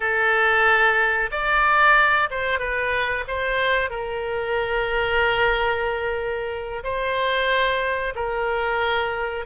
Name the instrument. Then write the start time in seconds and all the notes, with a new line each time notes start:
oboe
0.00 A4
1.31 D5
2.30 C5
2.59 B4
3.27 C5
3.90 A#4
6.83 C5
8.15 A#4